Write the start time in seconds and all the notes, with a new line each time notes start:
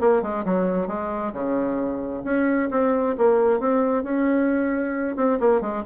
0.00 A#3
0.22 G#3
0.45 F#3
0.87 G#3
1.33 C#3
2.24 C#4
2.70 C4
3.18 A#3
3.60 C4
4.03 C#4
5.16 C4
5.40 A#3
5.61 G#3